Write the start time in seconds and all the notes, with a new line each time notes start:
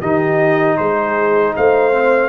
0.00 D#3 D#4 G4 D#5
0.77 G#3 G#4 C5
1.56 A3 C5 F5
1.93 C4